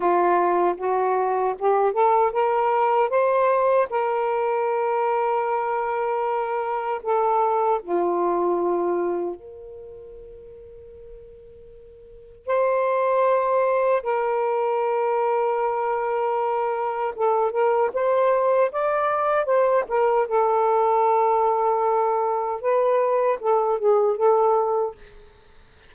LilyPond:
\new Staff \with { instrumentName = "saxophone" } { \time 4/4 \tempo 4 = 77 f'4 fis'4 g'8 a'8 ais'4 | c''4 ais'2.~ | ais'4 a'4 f'2 | ais'1 |
c''2 ais'2~ | ais'2 a'8 ais'8 c''4 | d''4 c''8 ais'8 a'2~ | a'4 b'4 a'8 gis'8 a'4 | }